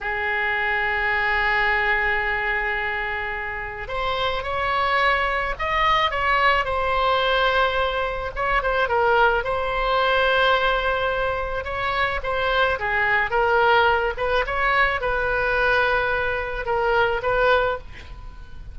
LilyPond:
\new Staff \with { instrumentName = "oboe" } { \time 4/4 \tempo 4 = 108 gis'1~ | gis'2. c''4 | cis''2 dis''4 cis''4 | c''2. cis''8 c''8 |
ais'4 c''2.~ | c''4 cis''4 c''4 gis'4 | ais'4. b'8 cis''4 b'4~ | b'2 ais'4 b'4 | }